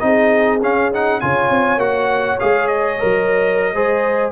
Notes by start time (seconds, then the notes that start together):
0.00 C4 D#4 G#4 D#5
0.62 C#4 F5
0.93 D#4 F#5
1.21 C#3 F4 C#5 G#5
1.50 C4
1.77 A#3 F#4 F#5
2.40 G#3 G#4 F5
2.68 D#5
3.00 F#3 A#4
3.74 G#3 G#4 C5